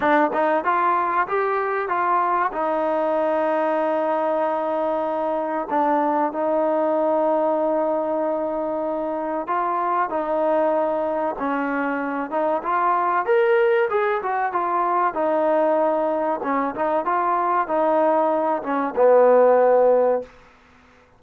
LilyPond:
\new Staff \with { instrumentName = "trombone" } { \time 4/4 \tempo 4 = 95 d'8 dis'8 f'4 g'4 f'4 | dis'1~ | dis'4 d'4 dis'2~ | dis'2. f'4 |
dis'2 cis'4. dis'8 | f'4 ais'4 gis'8 fis'8 f'4 | dis'2 cis'8 dis'8 f'4 | dis'4. cis'8 b2 | }